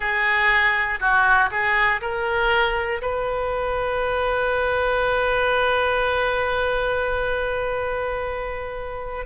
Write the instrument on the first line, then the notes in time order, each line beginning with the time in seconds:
oboe
0.00 G#4
1.00 F#4
1.50 G#4
2.00 A#4
3.01 B4